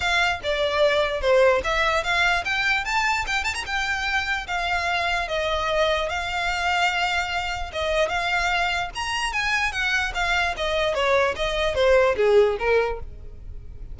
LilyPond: \new Staff \with { instrumentName = "violin" } { \time 4/4 \tempo 4 = 148 f''4 d''2 c''4 | e''4 f''4 g''4 a''4 | g''8 a''16 ais''16 g''2 f''4~ | f''4 dis''2 f''4~ |
f''2. dis''4 | f''2 ais''4 gis''4 | fis''4 f''4 dis''4 cis''4 | dis''4 c''4 gis'4 ais'4 | }